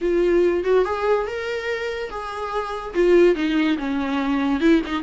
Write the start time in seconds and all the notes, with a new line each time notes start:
0.01 F4
0.64 F#4
0.84 G#4
1.26 A#4
2.10 G#4
2.94 F4
3.35 D#4
3.77 C#4
4.60 E4
4.86 D#4